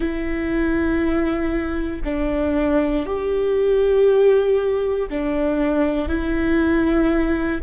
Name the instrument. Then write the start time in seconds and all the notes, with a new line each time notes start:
viola
0.00 E4
2.04 D4
3.06 G4
5.09 D4
6.08 E4